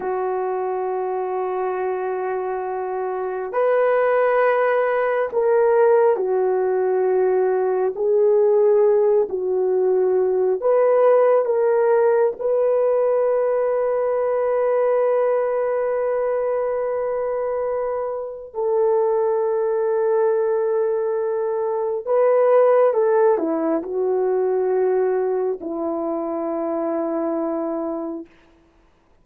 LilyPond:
\new Staff \with { instrumentName = "horn" } { \time 4/4 \tempo 4 = 68 fis'1 | b'2 ais'4 fis'4~ | fis'4 gis'4. fis'4. | b'4 ais'4 b'2~ |
b'1~ | b'4 a'2.~ | a'4 b'4 a'8 e'8 fis'4~ | fis'4 e'2. | }